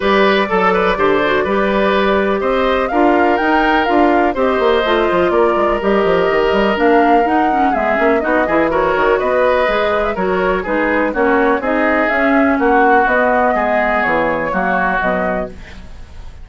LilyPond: <<
  \new Staff \with { instrumentName = "flute" } { \time 4/4 \tempo 4 = 124 d''1~ | d''4 dis''4 f''4 g''4 | f''4 dis''2 d''4 | dis''2 f''4 fis''4 |
e''4 dis''4 cis''4 dis''4~ | dis''8. e''16 cis''4 b'4 cis''4 | dis''4 e''4 fis''4 dis''4~ | dis''4 cis''2 dis''4 | }
  \new Staff \with { instrumentName = "oboe" } { \time 4/4 b'4 a'8 b'8 c''4 b'4~ | b'4 c''4 ais'2~ | ais'4 c''2 ais'4~ | ais'1 |
gis'4 fis'8 gis'8 ais'4 b'4~ | b'4 ais'4 gis'4 fis'4 | gis'2 fis'2 | gis'2 fis'2 | }
  \new Staff \with { instrumentName = "clarinet" } { \time 4/4 g'4 a'4 g'8 fis'8 g'4~ | g'2 f'4 dis'4 | f'4 g'4 f'2 | g'2 d'4 dis'8 cis'8 |
b8 cis'8 dis'8 e'8 fis'2 | gis'4 fis'4 dis'4 cis'4 | dis'4 cis'2 b4~ | b2 ais4 fis4 | }
  \new Staff \with { instrumentName = "bassoon" } { \time 4/4 g4 fis4 d4 g4~ | g4 c'4 d'4 dis'4 | d'4 c'8 ais8 a8 f8 ais8 gis8 | g8 f8 dis8 g8 ais4 dis'4 |
gis8 ais8 b8 e4 dis8 b4 | gis4 fis4 gis4 ais4 | c'4 cis'4 ais4 b4 | gis4 e4 fis4 b,4 | }
>>